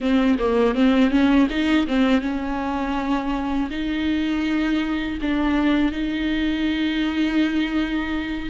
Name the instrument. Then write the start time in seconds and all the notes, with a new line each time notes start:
viola
0.00 C4
0.38 A#3
0.74 C4
1.10 C#4
1.49 D#4
1.87 C4
2.21 C#4
3.70 D#4
5.21 D4
5.92 D#4